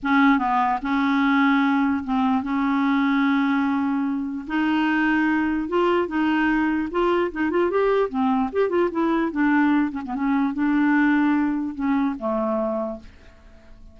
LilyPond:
\new Staff \with { instrumentName = "clarinet" } { \time 4/4 \tempo 4 = 148 cis'4 b4 cis'2~ | cis'4 c'4 cis'2~ | cis'2. dis'4~ | dis'2 f'4 dis'4~ |
dis'4 f'4 dis'8 f'8 g'4 | c'4 g'8 f'8 e'4 d'4~ | d'8 cis'16 b16 cis'4 d'2~ | d'4 cis'4 a2 | }